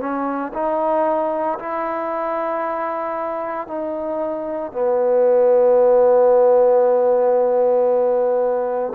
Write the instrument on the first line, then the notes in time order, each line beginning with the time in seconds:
trombone
0.00 C#4
0.54 D#4
1.59 E4
3.68 D#4
4.72 B3